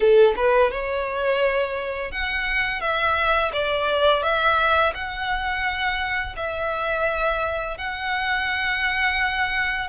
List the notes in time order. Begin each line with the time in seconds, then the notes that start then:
0.00 A4
0.36 B4
0.71 C#5
2.11 F#5
2.80 E5
3.53 D5
4.22 E5
4.94 F#5
6.36 E5
7.77 F#5